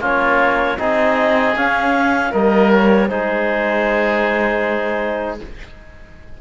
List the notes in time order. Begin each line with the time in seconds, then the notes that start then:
0.00 A#3 C#4 F4 C#5
0.78 C4 D#4 G#4 D#5
1.56 C#4 F5
2.31 G3 A#3 A#4 D#5
2.73 C#5
3.08 G#3 D#4 G#4 C5